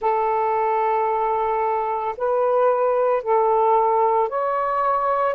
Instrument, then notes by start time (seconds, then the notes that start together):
saxophone
0.00 A4
2.17 B4
3.22 A4
4.29 C#5